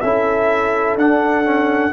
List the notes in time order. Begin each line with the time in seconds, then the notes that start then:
0.00 C#4 E4 A4 E5
0.95 D4 F#5
1.44 C#4